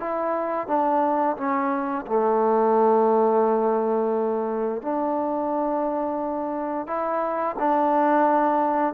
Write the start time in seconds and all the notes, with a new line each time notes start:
0.00 E4
0.68 D4
1.37 C#4
2.07 A3
4.82 D4
6.87 E4
7.59 D4